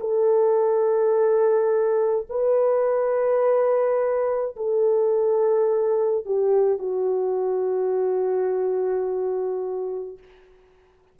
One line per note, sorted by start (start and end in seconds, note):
0.00 2.26 A4
2.30 4.56 B4
4.56 6.25 A4
6.25 6.79 G4
6.79 10.18 F#4